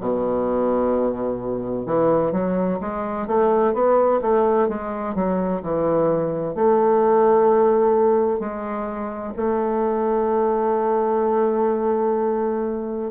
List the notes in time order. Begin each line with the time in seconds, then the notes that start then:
0.00 B2
1.85 E3
2.32 F#3
2.80 G#3
3.27 A3
3.73 B3
4.21 A3
4.68 G#3
5.14 F#3
5.62 E3
6.54 A3
8.39 G#3
9.36 A3